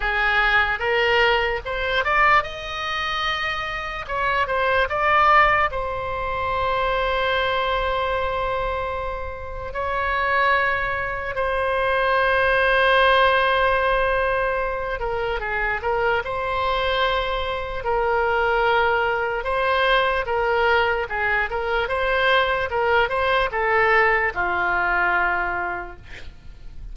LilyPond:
\new Staff \with { instrumentName = "oboe" } { \time 4/4 \tempo 4 = 74 gis'4 ais'4 c''8 d''8 dis''4~ | dis''4 cis''8 c''8 d''4 c''4~ | c''1 | cis''2 c''2~ |
c''2~ c''8 ais'8 gis'8 ais'8 | c''2 ais'2 | c''4 ais'4 gis'8 ais'8 c''4 | ais'8 c''8 a'4 f'2 | }